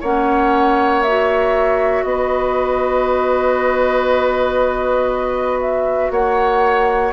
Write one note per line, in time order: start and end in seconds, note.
0.00 2.03 A#3
0.00 1.05 C#4
0.00 2.03 C#5
0.00 1.03 F#5
1.03 7.13 F#4
1.03 2.03 E5
2.03 6.10 B3
2.03 6.12 B4
2.03 5.59 D#5
5.60 6.11 E5
6.11 7.12 A#3
6.11 7.13 C#5
6.11 7.13 F#5